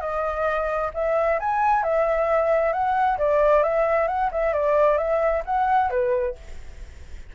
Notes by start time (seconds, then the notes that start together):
0.00 D#5
0.94 E5
1.39 G#5
1.83 E5
2.72 F#5
3.18 D5
3.63 E5
4.07 F#5
4.31 E5
4.53 D5
4.97 E5
5.45 F#5
5.90 B4